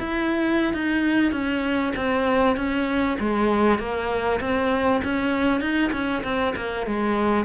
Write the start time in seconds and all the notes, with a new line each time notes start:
0.00 E4
0.74 D#4
1.33 C#4
1.96 C4
2.57 C#4
3.20 G#3
3.79 A#3
4.41 C4
5.05 C#4
5.61 D#4
5.93 C#4
6.24 C4
6.56 A#3
6.87 G#3